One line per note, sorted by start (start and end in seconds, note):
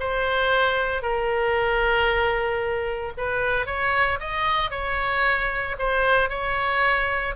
0.00 1.02 C5
1.02 3.13 A#4
3.17 3.66 B4
3.66 4.19 C#5
4.20 4.71 D#5
4.71 5.76 C#5
5.79 6.29 C5
6.29 7.35 C#5